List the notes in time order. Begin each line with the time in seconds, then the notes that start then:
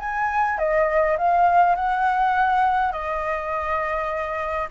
0.00 G#5
0.59 D#5
1.18 F5
1.76 F#5
2.93 D#5